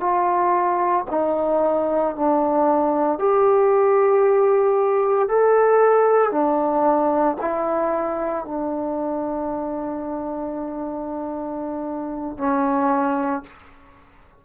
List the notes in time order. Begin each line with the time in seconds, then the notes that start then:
0.00 F4
1.11 D#4
2.16 D4
3.19 G4
5.29 A4
6.32 D4
7.41 E4
8.45 D4
12.38 C#4